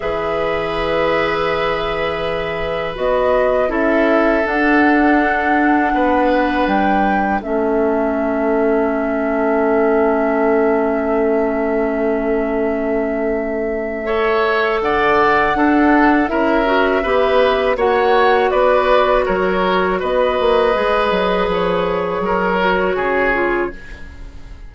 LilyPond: <<
  \new Staff \with { instrumentName = "flute" } { \time 4/4 \tempo 4 = 81 e''1 | dis''4 e''4 fis''2~ | fis''4 g''4 e''2~ | e''1~ |
e''1 | fis''2 e''2 | fis''4 d''4 cis''4 dis''4~ | dis''4 cis''2. | }
  \new Staff \with { instrumentName = "oboe" } { \time 4/4 b'1~ | b'4 a'2. | b'2 a'2~ | a'1~ |
a'2. cis''4 | d''4 a'4 ais'4 b'4 | cis''4 b'4 ais'4 b'4~ | b'2 ais'4 gis'4 | }
  \new Staff \with { instrumentName = "clarinet" } { \time 4/4 gis'1 | fis'4 e'4 d'2~ | d'2 cis'2~ | cis'1~ |
cis'2. a'4~ | a'4 d'4 e'8 fis'8 g'4 | fis'1 | gis'2~ gis'8 fis'4 f'8 | }
  \new Staff \with { instrumentName = "bassoon" } { \time 4/4 e1 | b4 cis'4 d'2 | b4 g4 a2~ | a1~ |
a1 | d4 d'4 cis'4 b4 | ais4 b4 fis4 b8 ais8 | gis8 fis8 f4 fis4 cis4 | }
>>